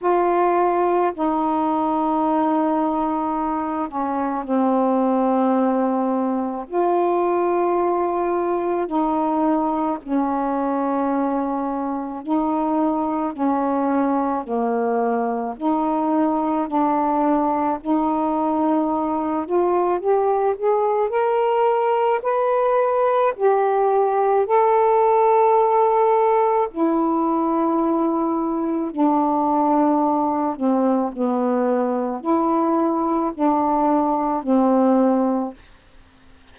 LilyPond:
\new Staff \with { instrumentName = "saxophone" } { \time 4/4 \tempo 4 = 54 f'4 dis'2~ dis'8 cis'8 | c'2 f'2 | dis'4 cis'2 dis'4 | cis'4 ais4 dis'4 d'4 |
dis'4. f'8 g'8 gis'8 ais'4 | b'4 g'4 a'2 | e'2 d'4. c'8 | b4 e'4 d'4 c'4 | }